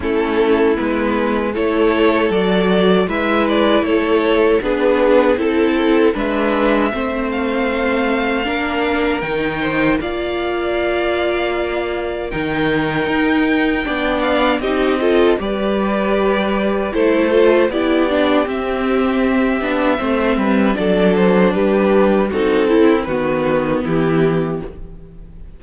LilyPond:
<<
  \new Staff \with { instrumentName = "violin" } { \time 4/4 \tempo 4 = 78 a'4 b'4 cis''4 d''4 | e''8 d''8 cis''4 b'4 a'4 | e''4. f''2~ f''8 | g''4 f''2. |
g''2~ g''8 f''8 dis''4 | d''2 c''4 d''4 | e''2. d''8 c''8 | b'4 a'4 b'4 g'4 | }
  \new Staff \with { instrumentName = "violin" } { \time 4/4 e'2 a'2 | b'4 a'4 gis'4 a'4 | b'4 c''2 ais'4~ | ais'8 c''8 d''2. |
ais'2 d''4 g'8 a'8 | b'2 a'4 g'4~ | g'2 c''8 b'8 a'4 | g'4 fis'8 e'8 fis'4 e'4 | }
  \new Staff \with { instrumentName = "viola" } { \time 4/4 cis'4 b4 e'4 fis'4 | e'2 d'4 e'4 | d'4 c'2 d'4 | dis'4 f'2. |
dis'2 d'4 dis'8 f'8 | g'2 e'8 f'8 e'8 d'8 | c'4. d'8 c'4 d'4~ | d'4 dis'8 e'8 b2 | }
  \new Staff \with { instrumentName = "cello" } { \time 4/4 a4 gis4 a4 fis4 | gis4 a4 b4 c'4 | gis4 a2 ais4 | dis4 ais2. |
dis4 dis'4 b4 c'4 | g2 a4 b4 | c'4. b8 a8 g8 fis4 | g4 c'4 dis4 e4 | }
>>